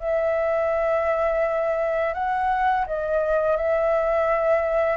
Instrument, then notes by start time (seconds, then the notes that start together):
flute
0.00 E5
2.14 F#5
2.87 D#5
3.57 E5